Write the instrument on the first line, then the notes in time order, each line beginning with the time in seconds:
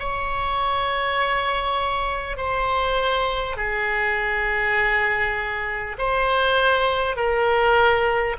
oboe
0.00 C#5
2.37 C5
3.57 G#4
5.98 C5
7.17 A#4